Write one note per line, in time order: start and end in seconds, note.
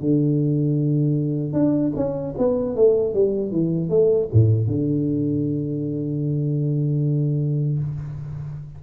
0.00 1.53 D3
1.53 1.92 D4
1.96 2.34 C#4
2.37 2.76 B3
2.76 3.13 A3
3.13 3.51 G3
3.51 3.89 E3
3.89 4.28 A3
4.33 4.67 A2
4.67 7.79 D3